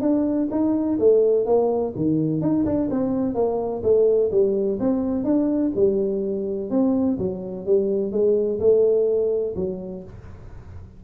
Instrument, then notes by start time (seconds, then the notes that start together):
tuba
0.00 D4
0.50 D#4
0.98 A3
1.45 A#3
1.95 D#3
2.41 D#4
2.65 D4
2.90 C4
3.34 A#3
3.83 A3
4.31 G3
4.79 C4
5.24 D4
5.75 G3
6.70 C4
7.18 F#3
7.66 G3
8.11 G#3
8.60 A3
9.55 F#3